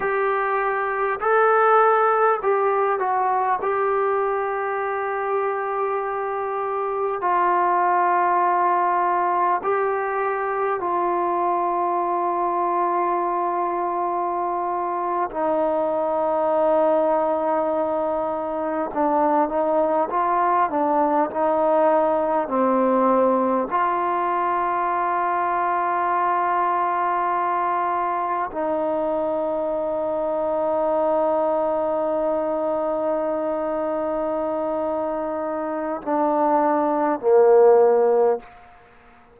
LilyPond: \new Staff \with { instrumentName = "trombone" } { \time 4/4 \tempo 4 = 50 g'4 a'4 g'8 fis'8 g'4~ | g'2 f'2 | g'4 f'2.~ | f'8. dis'2. d'16~ |
d'16 dis'8 f'8 d'8 dis'4 c'4 f'16~ | f'2.~ f'8. dis'16~ | dis'1~ | dis'2 d'4 ais4 | }